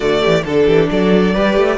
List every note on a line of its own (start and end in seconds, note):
0.00 0.23 D3
0.00 0.44 A3
0.00 0.21 F#4
0.00 0.43 D5
0.21 0.44 E3
0.21 0.43 G4
0.44 0.67 D3
0.44 1.37 D4
0.44 0.66 A4
0.44 0.89 A4
0.66 0.89 E3
0.66 0.89 G4
0.90 1.35 F#3
0.90 1.33 A4
0.90 1.77 D5
1.33 1.56 G3
1.33 1.77 G4
1.33 1.77 B4
1.56 1.77 A3